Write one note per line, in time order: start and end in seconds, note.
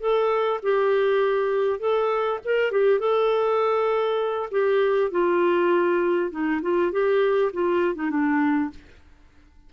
0.00 0.60 A4
0.63 1.79 G4
1.79 2.39 A4
2.45 2.71 A#4
2.71 2.99 G4
2.99 4.49 A4
4.51 5.11 G4
5.11 6.31 F4
6.31 6.61 D#4
6.62 6.92 F4
6.92 7.52 G4
7.53 7.95 F4
7.95 8.10 D#4
8.10 8.70 D4